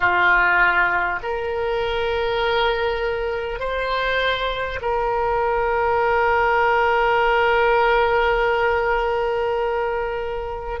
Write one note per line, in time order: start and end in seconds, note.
0.00 1.19 F4
1.23 3.59 A#4
3.59 4.79 C5
4.81 10.80 A#4